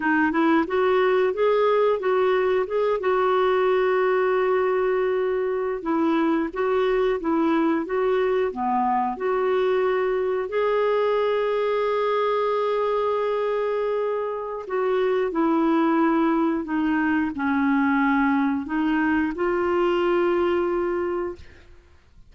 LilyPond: \new Staff \with { instrumentName = "clarinet" } { \time 4/4 \tempo 4 = 90 dis'8 e'8 fis'4 gis'4 fis'4 | gis'8 fis'2.~ fis'8~ | fis'8. e'4 fis'4 e'4 fis'16~ | fis'8. b4 fis'2 gis'16~ |
gis'1~ | gis'2 fis'4 e'4~ | e'4 dis'4 cis'2 | dis'4 f'2. | }